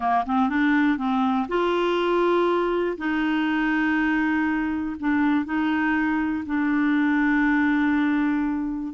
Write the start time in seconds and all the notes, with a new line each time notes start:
0.00 A#3
0.25 C4
0.49 D4
0.97 C4
1.48 F4
2.97 D#4
4.99 D4
5.45 D#4
6.46 D4